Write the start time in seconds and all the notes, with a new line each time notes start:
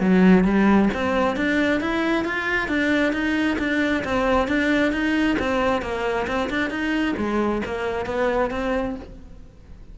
0.00 F#3
0.44 G3
0.94 C4
1.36 D4
1.80 E4
2.24 F4
2.68 D4
3.12 D#4
3.58 D4
4.04 C4
4.48 D4
4.92 D#4
5.39 C4
5.82 A#3
6.27 C4
6.49 D4
6.70 D#4
7.17 G#3
7.65 A#3
8.05 B3
8.50 C4